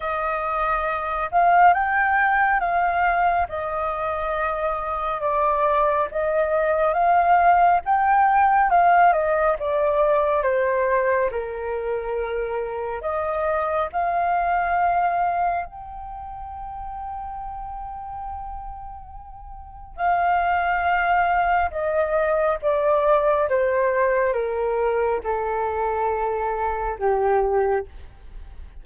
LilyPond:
\new Staff \with { instrumentName = "flute" } { \time 4/4 \tempo 4 = 69 dis''4. f''8 g''4 f''4 | dis''2 d''4 dis''4 | f''4 g''4 f''8 dis''8 d''4 | c''4 ais'2 dis''4 |
f''2 g''2~ | g''2. f''4~ | f''4 dis''4 d''4 c''4 | ais'4 a'2 g'4 | }